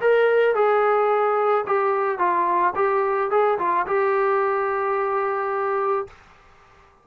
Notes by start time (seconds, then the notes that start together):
0.00 A#4
0.55 G#4
1.66 G4
2.18 F4
2.75 G4
3.30 G#4
3.58 F4
3.86 G4